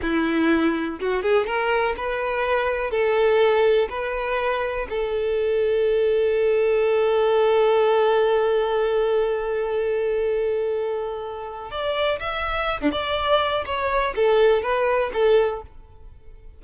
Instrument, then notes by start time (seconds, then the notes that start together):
violin
0.02 E4
1.00 F#4
1.22 G#4
1.46 A#4
1.96 B4
2.90 A4
3.89 B4
4.89 A4
11.70 D5
12.19 E5
12.80 D4
12.91 D5
13.65 C#5
14.15 A4
14.62 B4
15.13 A4